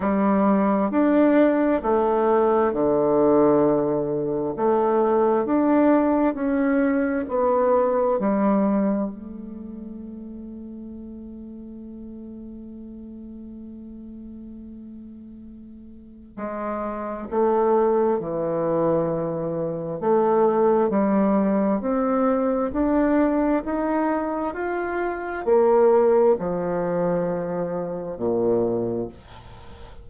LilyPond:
\new Staff \with { instrumentName = "bassoon" } { \time 4/4 \tempo 4 = 66 g4 d'4 a4 d4~ | d4 a4 d'4 cis'4 | b4 g4 a2~ | a1~ |
a2 gis4 a4 | e2 a4 g4 | c'4 d'4 dis'4 f'4 | ais4 f2 ais,4 | }